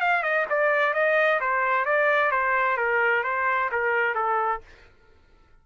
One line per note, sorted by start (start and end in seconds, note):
0.00 0.22 F5
0.22 0.45 D#5
0.49 0.93 D5
0.93 1.40 D#5
1.40 1.85 C5
1.85 2.31 D5
2.31 2.77 C5
2.77 3.23 A#4
3.23 3.69 C5
3.71 4.15 A#4
4.15 4.61 A4